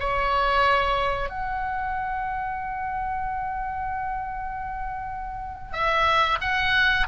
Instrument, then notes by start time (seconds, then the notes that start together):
oboe
0.00 C#5
1.29 F#5
5.72 E5
6.41 F#5